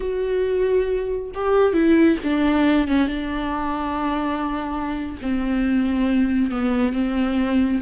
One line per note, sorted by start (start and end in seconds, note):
0.00 1.31 F#4
1.34 1.73 G4
1.73 2.17 E4
2.23 2.87 D4
2.87 3.07 C#4
3.07 5.17 D4
5.21 6.51 C4
6.51 6.92 B3
6.92 7.81 C4